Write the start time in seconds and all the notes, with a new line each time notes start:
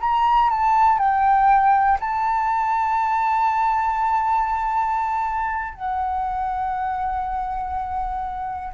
0.00 A#5
0.50 A5
0.99 G5
2.00 A5
5.75 F#5